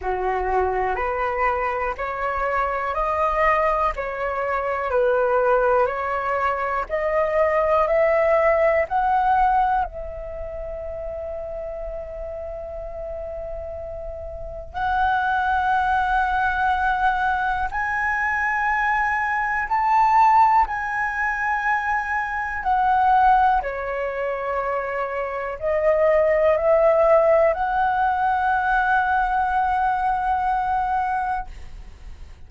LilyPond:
\new Staff \with { instrumentName = "flute" } { \time 4/4 \tempo 4 = 61 fis'4 b'4 cis''4 dis''4 | cis''4 b'4 cis''4 dis''4 | e''4 fis''4 e''2~ | e''2. fis''4~ |
fis''2 gis''2 | a''4 gis''2 fis''4 | cis''2 dis''4 e''4 | fis''1 | }